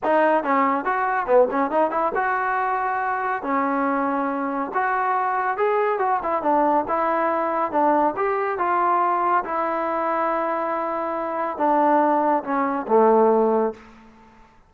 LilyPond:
\new Staff \with { instrumentName = "trombone" } { \time 4/4 \tempo 4 = 140 dis'4 cis'4 fis'4 b8 cis'8 | dis'8 e'8 fis'2. | cis'2. fis'4~ | fis'4 gis'4 fis'8 e'8 d'4 |
e'2 d'4 g'4 | f'2 e'2~ | e'2. d'4~ | d'4 cis'4 a2 | }